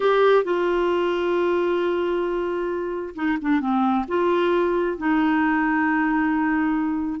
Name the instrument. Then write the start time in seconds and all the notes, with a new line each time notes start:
clarinet
0.00 G4
0.43 F4
3.15 D#4
3.41 D4
3.60 C4
4.07 F4
4.97 D#4